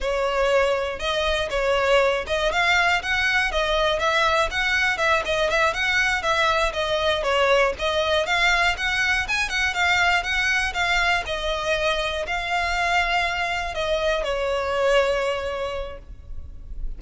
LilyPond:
\new Staff \with { instrumentName = "violin" } { \time 4/4 \tempo 4 = 120 cis''2 dis''4 cis''4~ | cis''8 dis''8 f''4 fis''4 dis''4 | e''4 fis''4 e''8 dis''8 e''8 fis''8~ | fis''8 e''4 dis''4 cis''4 dis''8~ |
dis''8 f''4 fis''4 gis''8 fis''8 f''8~ | f''8 fis''4 f''4 dis''4.~ | dis''8 f''2. dis''8~ | dis''8 cis''2.~ cis''8 | }